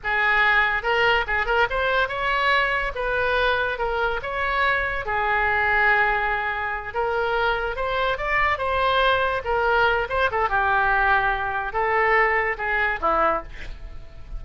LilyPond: \new Staff \with { instrumentName = "oboe" } { \time 4/4 \tempo 4 = 143 gis'2 ais'4 gis'8 ais'8 | c''4 cis''2 b'4~ | b'4 ais'4 cis''2 | gis'1~ |
gis'8 ais'2 c''4 d''8~ | d''8 c''2 ais'4. | c''8 a'8 g'2. | a'2 gis'4 e'4 | }